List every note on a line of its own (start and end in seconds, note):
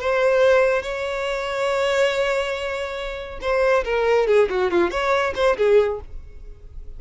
0.00 0.82 C5
0.82 3.39 C#5
3.41 3.84 C5
3.84 4.27 A#4
4.27 4.48 G#4
4.49 4.70 F#4
4.70 4.91 F4
4.91 5.34 C#5
5.35 5.57 C5
5.57 6.00 G#4